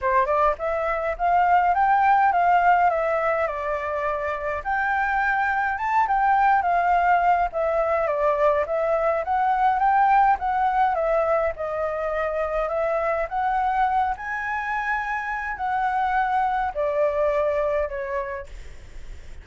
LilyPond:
\new Staff \with { instrumentName = "flute" } { \time 4/4 \tempo 4 = 104 c''8 d''8 e''4 f''4 g''4 | f''4 e''4 d''2 | g''2 a''8 g''4 f''8~ | f''4 e''4 d''4 e''4 |
fis''4 g''4 fis''4 e''4 | dis''2 e''4 fis''4~ | fis''8 gis''2~ gis''8 fis''4~ | fis''4 d''2 cis''4 | }